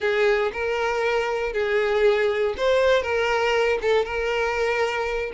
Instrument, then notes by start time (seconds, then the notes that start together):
violin
0.00 G#4
0.52 A#4
1.53 G#4
2.57 C5
3.02 A#4
3.81 A4
4.04 A#4